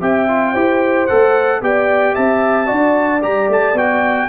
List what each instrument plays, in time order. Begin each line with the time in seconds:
0.00 tuba C4, trombone G4, horn E5, trumpet G5
0.28 trombone F4
0.52 tuba E4, trombone G4, horn C5
1.06 tuba A3, trombone A4, trumpet F#5
1.61 tuba B3, trombone G4, horn D5, trumpet G5
2.14 tuba C4, horn E5, trumpet A5
2.66 tuba D4, trombone F#4, horn D5
3.22 tuba G3, trombone G4, trumpet A#5
3.48 tuba A3, trumpet A5
3.73 tuba B3, trombone F#4, trumpet G5